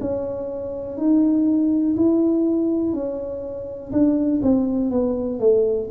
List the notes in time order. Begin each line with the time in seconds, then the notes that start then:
0.00 C#4
0.97 D#4
1.96 E4
2.93 C#4
3.92 D4
4.42 C4
4.90 B3
5.39 A3